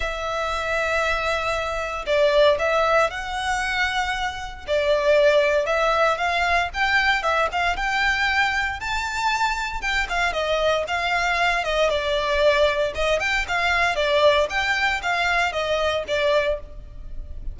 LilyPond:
\new Staff \with { instrumentName = "violin" } { \time 4/4 \tempo 4 = 116 e''1 | d''4 e''4 fis''2~ | fis''4 d''2 e''4 | f''4 g''4 e''8 f''8 g''4~ |
g''4 a''2 g''8 f''8 | dis''4 f''4. dis''8 d''4~ | d''4 dis''8 g''8 f''4 d''4 | g''4 f''4 dis''4 d''4 | }